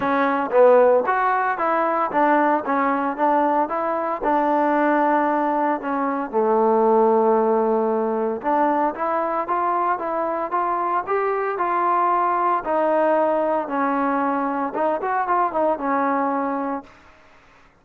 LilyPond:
\new Staff \with { instrumentName = "trombone" } { \time 4/4 \tempo 4 = 114 cis'4 b4 fis'4 e'4 | d'4 cis'4 d'4 e'4 | d'2. cis'4 | a1 |
d'4 e'4 f'4 e'4 | f'4 g'4 f'2 | dis'2 cis'2 | dis'8 fis'8 f'8 dis'8 cis'2 | }